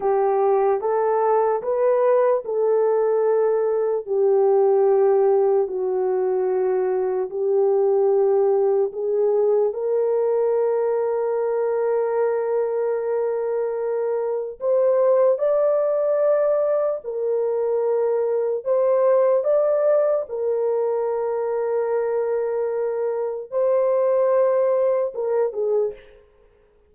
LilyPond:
\new Staff \with { instrumentName = "horn" } { \time 4/4 \tempo 4 = 74 g'4 a'4 b'4 a'4~ | a'4 g'2 fis'4~ | fis'4 g'2 gis'4 | ais'1~ |
ais'2 c''4 d''4~ | d''4 ais'2 c''4 | d''4 ais'2.~ | ais'4 c''2 ais'8 gis'8 | }